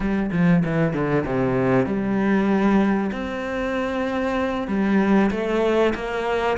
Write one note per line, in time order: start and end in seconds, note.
0.00 0.30 G3
0.32 0.63 F3
0.64 0.93 E3
0.93 1.24 D3
1.25 1.86 C3
1.86 3.11 G3
3.12 4.67 C4
4.67 5.30 G3
5.31 5.93 A3
5.95 6.57 A#3